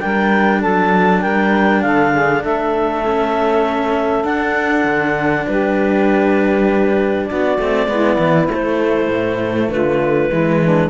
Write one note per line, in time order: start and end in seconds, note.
0.00 0.64 G3
0.00 3.03 D4
0.00 0.59 A#4
0.00 0.61 G5
0.59 1.24 F#3
0.59 1.20 A4
0.59 1.22 A5
1.22 1.84 G3
1.22 1.82 A#4
1.22 1.82 G5
1.82 2.44 D3
1.82 2.13 A4
1.82 2.43 F5
2.13 2.43 G#4
2.43 4.24 A3
2.43 5.46 A4
2.43 4.25 E5
3.05 4.24 C#4
4.24 4.84 D4
4.24 7.57 D4
4.24 5.46 F#5
4.85 5.45 D3
5.47 7.30 G3
5.47 7.28 G4
5.47 7.26 B4
7.26 7.58 B3
7.26 7.89 F#4
7.26 8.47 D5
7.58 7.87 A3
7.58 7.89 C4
7.87 8.17 G#3
7.87 8.49 B3
7.87 9.70 E4
8.18 8.48 E3
8.48 9.08 A3
8.48 9.71 C5
8.55 10.30 A3
9.08 9.69 A2
9.69 10.30 D3
9.69 10.30 F4
9.69 10.90 B4
10.30 10.90 E3
10.30 10.90 G#3
10.30 10.60 E4
10.63 10.90 D4